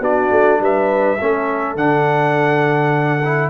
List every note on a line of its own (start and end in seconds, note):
0.00 0.29 B3
0.00 1.18 D4
0.00 0.59 F#4
0.00 0.62 D5
0.32 0.60 A3
0.60 1.18 G3
0.60 1.20 B4
0.60 1.77 E5
1.21 1.76 A3
1.21 1.77 C#4
1.21 3.50 A4
1.76 3.50 D3
1.76 3.22 D4
1.76 3.50 F#5
3.24 3.50 E4